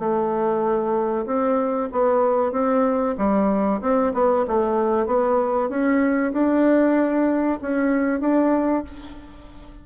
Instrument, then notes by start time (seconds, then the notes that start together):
bassoon
0.00 A3
1.26 C4
1.92 B3
2.53 C4
3.18 G3
3.82 C4
4.14 B3
4.48 A3
5.07 B3
5.70 C#4
6.33 D4
7.62 C#4
8.21 D4